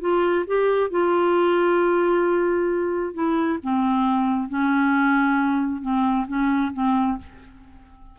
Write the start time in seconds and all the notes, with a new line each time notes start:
0.00 F4
0.46 G4
0.90 F4
3.13 E4
3.62 C4
4.48 C#4
5.81 C4
6.27 C#4
6.73 C4